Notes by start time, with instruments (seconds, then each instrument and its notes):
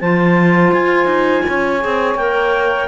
0.00 cello F3, clarinet F4 A5, saxophone C5
0.72 cello F4, clarinet G#5
1.05 cello D#4
1.47 cello C#4, saxophone C#5
1.80 cello C4, clarinet G#4
2.14 cello A#3, clarinet A#4 G5